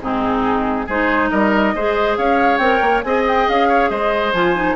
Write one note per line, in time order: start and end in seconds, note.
0.00 0.86 G#2
0.00 0.88 C4
0.00 0.86 D#4
0.00 0.88 G#4
0.86 1.31 G#3
0.86 1.76 D#4
0.86 1.29 G#4
0.86 1.29 C5
1.29 1.74 G3
1.29 1.73 A#4
1.29 2.15 D#5
1.74 2.17 G#3
1.74 2.61 G#4
1.74 2.18 C5
2.17 2.58 C#4
2.17 3.04 C#5
2.17 2.57 F5
2.57 2.79 C4
2.57 3.04 A#4
2.57 3.00 G5
2.81 3.03 A#3
3.02 3.47 C4
3.02 4.34 G#4
3.02 3.68 D#5
3.02 3.23 G#5
3.27 3.48 G5
3.48 3.90 C#4
3.48 3.89 F5
3.68 3.89 C#5
3.89 4.32 G#3
3.89 4.75 C5
3.89 4.33 D#5
4.32 4.75 F3
4.32 4.55 F4
4.32 4.75 G#5
4.55 4.75 D#4